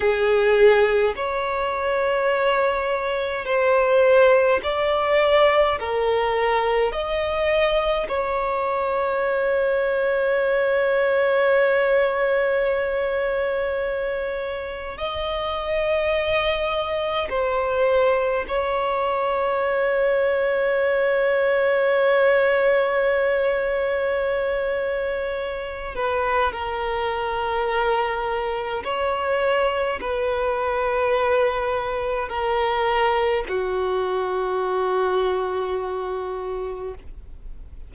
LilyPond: \new Staff \with { instrumentName = "violin" } { \time 4/4 \tempo 4 = 52 gis'4 cis''2 c''4 | d''4 ais'4 dis''4 cis''4~ | cis''1~ | cis''4 dis''2 c''4 |
cis''1~ | cis''2~ cis''8 b'8 ais'4~ | ais'4 cis''4 b'2 | ais'4 fis'2. | }